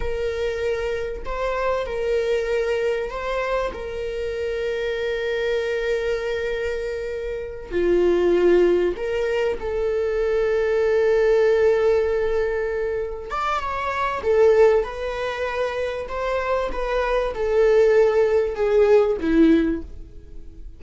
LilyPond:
\new Staff \with { instrumentName = "viola" } { \time 4/4 \tempo 4 = 97 ais'2 c''4 ais'4~ | ais'4 c''4 ais'2~ | ais'1~ | ais'8 f'2 ais'4 a'8~ |
a'1~ | a'4. d''8 cis''4 a'4 | b'2 c''4 b'4 | a'2 gis'4 e'4 | }